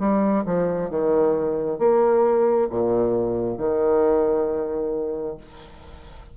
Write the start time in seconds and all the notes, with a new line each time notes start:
0.00 G3
0.46 F3
0.90 D#3
1.79 A#3
2.70 A#2
3.58 D#3